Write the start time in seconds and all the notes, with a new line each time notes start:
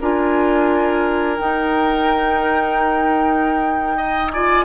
0.00 D4 F4 A#4 G#5
1.37 D#4 G5
3.96 D#5
4.30 F4 D5 G#5